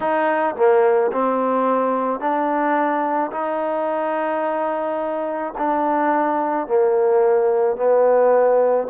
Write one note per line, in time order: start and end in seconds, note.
0.00 0.55 D#4
0.56 1.11 A#3
1.12 2.19 C4
2.19 3.30 D4
3.31 5.53 D#4
5.58 6.67 D4
6.67 7.76 A#3
7.76 8.87 B3